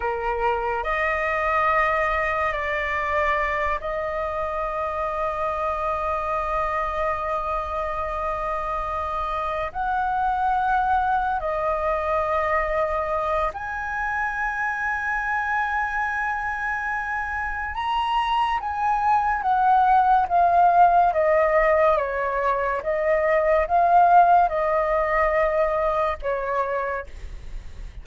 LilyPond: \new Staff \with { instrumentName = "flute" } { \time 4/4 \tempo 4 = 71 ais'4 dis''2 d''4~ | d''8 dis''2.~ dis''8~ | dis''2.~ dis''8 fis''8~ | fis''4. dis''2~ dis''8 |
gis''1~ | gis''4 ais''4 gis''4 fis''4 | f''4 dis''4 cis''4 dis''4 | f''4 dis''2 cis''4 | }